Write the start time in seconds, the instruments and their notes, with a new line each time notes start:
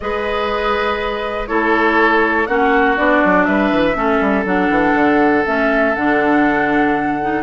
0.00 bassoon G#3, clarinet G#4, oboe B4, flute D#5
1.47 bassoon A3, clarinet E4, oboe A4, flute C#5
2.46 bassoon A#3, clarinet C#4, oboe F#4, flute F#5
2.96 bassoon B3, clarinet D4, flute D5
3.24 bassoon F#3
3.44 bassoon G3, oboe B4, flute E5
3.71 bassoon E3
3.95 bassoon A3, clarinet C#4, oboe A4
4.20 bassoon G3
4.45 bassoon F#3, clarinet D4, flute F#5
4.69 bassoon E3
4.94 bassoon D3
5.45 bassoon A3, clarinet C#4, flute E5
5.95 bassoon D3, clarinet D4, flute F#5
7.21 clarinet D#4